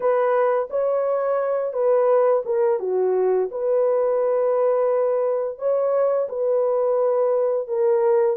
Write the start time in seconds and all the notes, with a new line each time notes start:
0.00 B4
0.69 C#5
1.73 B4
2.45 A#4
2.79 F#4
3.51 B4
5.58 C#5
6.28 B4
7.67 A#4